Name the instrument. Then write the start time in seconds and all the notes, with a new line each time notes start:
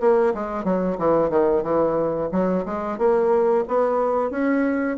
bassoon
0.00 A#3
0.34 G#3
0.64 F#3
0.98 E3
1.30 D#3
1.63 E3
2.32 F#3
2.66 G#3
2.98 A#3
3.68 B3
4.31 C#4